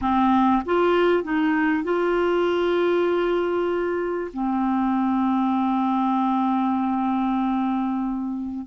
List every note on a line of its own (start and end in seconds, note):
0.01 0.62 C4
0.65 1.23 F4
1.23 1.83 D#4
1.83 4.31 F4
4.33 8.66 C4